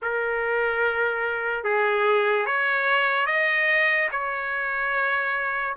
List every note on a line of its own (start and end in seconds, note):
0.01 1.64 A#4
1.64 2.45 G#4
2.45 3.26 C#5
3.26 4.08 D#5
4.11 5.76 C#5